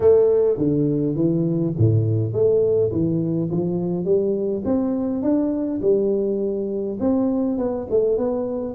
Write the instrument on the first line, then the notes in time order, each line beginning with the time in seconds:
tuba
0.00 A3
0.57 D3
1.15 E3
1.78 A2
2.32 A3
2.91 E3
3.51 F3
4.04 G3
4.64 C4
5.22 D4
5.81 G3
7.00 C4
7.58 B3
7.90 A3
8.17 B3